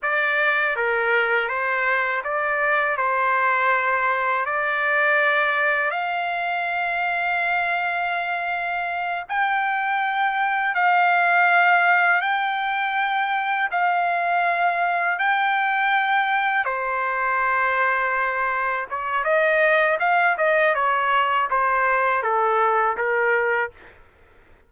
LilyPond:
\new Staff \with { instrumentName = "trumpet" } { \time 4/4 \tempo 4 = 81 d''4 ais'4 c''4 d''4 | c''2 d''2 | f''1~ | f''8 g''2 f''4.~ |
f''8 g''2 f''4.~ | f''8 g''2 c''4.~ | c''4. cis''8 dis''4 f''8 dis''8 | cis''4 c''4 a'4 ais'4 | }